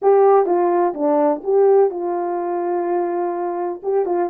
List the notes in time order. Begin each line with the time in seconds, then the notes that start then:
0.02 G4
0.45 F4
0.94 D4
1.43 G4
1.90 F4
3.82 G4
4.05 F4